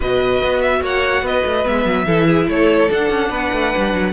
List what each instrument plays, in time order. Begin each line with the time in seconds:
0.00 cello B2, viola F#4, violin B4 D#5
0.43 cello B3
0.61 violin E5
0.81 cello A#3, violin C#5 F#5
1.21 cello B3, violin B4 D#5
1.45 cello A3
1.64 cello G#3, viola B3, violin E5
1.85 cello F#3
2.05 cello E3, viola E4, violin A4
2.27 violin G#4
2.47 cello A3, violin A4 C#5
2.89 viola D4, cello D4, violin F#5
3.09 cello C#4
3.29 cello B3, violin B4
3.52 cello A3
3.77 cello G3
3.93 cello F#3